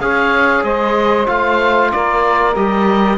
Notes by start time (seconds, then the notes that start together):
0.00 C#4 G#4 C#5 F5
0.63 G#3 C5 D#5
1.26 A3 F4 F5
1.91 A#3 A#4 D5
2.55 G3 G4 D#5